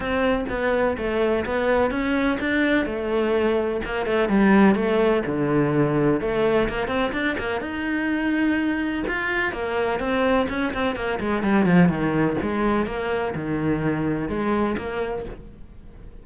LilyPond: \new Staff \with { instrumentName = "cello" } { \time 4/4 \tempo 4 = 126 c'4 b4 a4 b4 | cis'4 d'4 a2 | ais8 a8 g4 a4 d4~ | d4 a4 ais8 c'8 d'8 ais8 |
dis'2. f'4 | ais4 c'4 cis'8 c'8 ais8 gis8 | g8 f8 dis4 gis4 ais4 | dis2 gis4 ais4 | }